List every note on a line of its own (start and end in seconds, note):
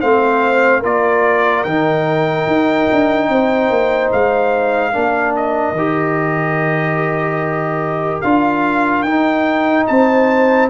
0.00 0.84 A3
0.00 0.83 C4
0.00 0.80 C5
0.00 0.83 F5
0.80 1.65 A#3
0.80 1.65 F4
0.80 3.27 A#4
0.80 1.63 D5
1.63 2.47 D#3
1.63 4.92 D#4
1.63 4.10 G5
2.47 2.88 D#4
2.91 3.29 D4
3.29 3.70 C4
3.29 4.92 C5
3.70 4.11 A#3
4.12 4.95 G#3
4.12 5.35 F5
4.92 5.72 A#3
4.92 5.75 D4
4.92 9.85 A#4
5.36 8.21 D#5
5.72 8.18 D#3
5.72 8.23 G4
8.21 9.03 D4
8.21 9.05 F4
8.21 9.02 F5
9.02 9.85 D#4
9.02 10.70 D#4
9.02 9.84 G5
9.86 10.70 C4
9.86 10.70 C5
9.86 10.69 A5